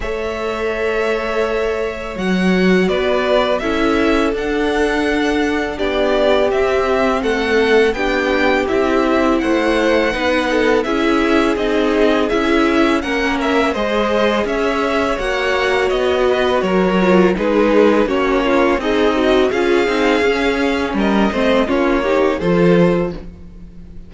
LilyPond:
<<
  \new Staff \with { instrumentName = "violin" } { \time 4/4 \tempo 4 = 83 e''2. fis''4 | d''4 e''4 fis''2 | d''4 e''4 fis''4 g''4 | e''4 fis''2 e''4 |
dis''4 e''4 fis''8 e''8 dis''4 | e''4 fis''4 dis''4 cis''4 | b'4 cis''4 dis''4 f''4~ | f''4 dis''4 cis''4 c''4 | }
  \new Staff \with { instrumentName = "violin" } { \time 4/4 cis''1 | b'4 a'2. | g'2 a'4 g'4~ | g'4 c''4 b'8 a'8 gis'4~ |
gis'2 ais'4 c''4 | cis''2~ cis''8 b'8 ais'4 | gis'4 fis'8 f'8 dis'4 gis'4~ | gis'4 ais'8 c''8 f'8 g'8 a'4 | }
  \new Staff \with { instrumentName = "viola" } { \time 4/4 a'2. fis'4~ | fis'4 e'4 d'2~ | d'4 c'2 d'4 | e'2 dis'4 e'4 |
dis'4 e'4 cis'4 gis'4~ | gis'4 fis'2~ fis'8 f'8 | dis'4 cis'4 gis'8 fis'8 f'8 dis'8 | cis'4. c'8 cis'8 dis'8 f'4 | }
  \new Staff \with { instrumentName = "cello" } { \time 4/4 a2. fis4 | b4 cis'4 d'2 | b4 c'4 a4 b4 | c'4 a4 b4 cis'4 |
c'4 cis'4 ais4 gis4 | cis'4 ais4 b4 fis4 | gis4 ais4 c'4 cis'8 c'8 | cis'4 g8 a8 ais4 f4 | }
>>